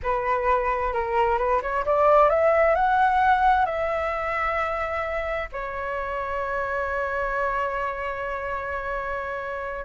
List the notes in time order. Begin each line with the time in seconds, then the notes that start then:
0.02 B4
0.93 A#4
1.38 B4
1.62 C#5
1.85 D5
2.29 E5
2.75 F#5
3.65 E5
5.52 C#5